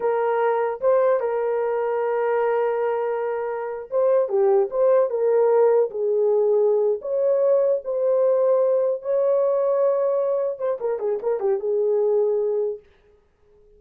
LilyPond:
\new Staff \with { instrumentName = "horn" } { \time 4/4 \tempo 4 = 150 ais'2 c''4 ais'4~ | ais'1~ | ais'4.~ ais'16 c''4 g'4 c''16~ | c''8. ais'2 gis'4~ gis'16~ |
gis'4. cis''2 c''8~ | c''2~ c''8 cis''4.~ | cis''2~ cis''8 c''8 ais'8 gis'8 | ais'8 g'8 gis'2. | }